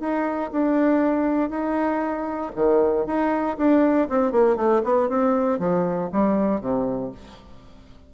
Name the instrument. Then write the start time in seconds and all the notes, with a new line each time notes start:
bassoon
0.00 D#4
0.52 D4
1.50 D#4
2.56 D#3
3.06 D#4
3.58 D4
4.09 C4
4.32 A#3
4.57 A3
4.84 B3
5.09 C4
5.59 F3
6.12 G3
6.61 C3